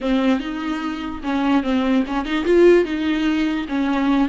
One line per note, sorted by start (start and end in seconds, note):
0.00 0.39 C4
0.39 1.21 D#4
1.23 1.63 C#4
1.63 2.04 C4
2.06 2.25 C#4
2.25 2.44 D#4
2.44 2.84 F4
2.84 3.66 D#4
3.68 4.29 C#4